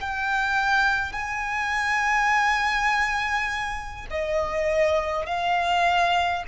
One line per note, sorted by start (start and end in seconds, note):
0.00 1.12 G5
1.12 4.06 G#5
4.10 5.26 D#5
5.26 6.43 F5